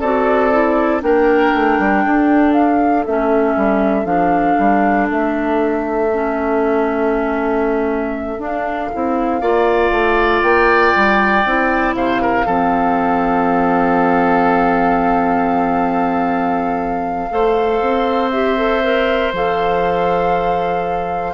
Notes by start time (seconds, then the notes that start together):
0.00 C4 F#4 A4 D5
0.51 E4
1.00 A#3 D4 A#4 G5
1.54 A3
1.79 G3
2.05 D4 A4
2.53 F5
3.06 A3 C#4 E5
3.56 G3
4.05 F3 D4 F5
4.59 G3
5.11 A3 E5
6.14 C#4
8.38 D4 F5
8.93 C4 E4
9.41 A#3 F4 D5
9.91 A3
10.42 A#3 G5
10.96 G3
11.45 C4 E4
11.95 C3 C5 F5
12.22 A#4
12.46 F3 C4 A4
17.29 A3 A4 C5
17.81 C4
18.31 G4 E5
18.57 A4
18.83 A#4
19.33 F3 A4 F5